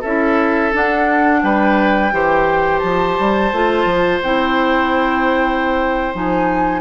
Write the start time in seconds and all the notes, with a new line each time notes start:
0.00 C#4 E4 A4 E5
0.72 D4 F#5
1.42 G3 B4 G5
2.12 E3 G4 C5
2.79 F3 A5
3.19 G3
3.52 A3 F4
3.85 F3
4.22 C4 E4 G5
6.13 F3 D#4 G#5